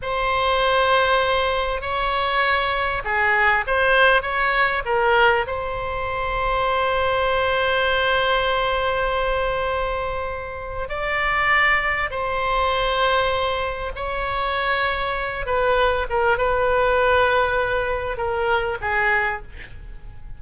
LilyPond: \new Staff \with { instrumentName = "oboe" } { \time 4/4 \tempo 4 = 99 c''2. cis''4~ | cis''4 gis'4 c''4 cis''4 | ais'4 c''2.~ | c''1~ |
c''2 d''2 | c''2. cis''4~ | cis''4. b'4 ais'8 b'4~ | b'2 ais'4 gis'4 | }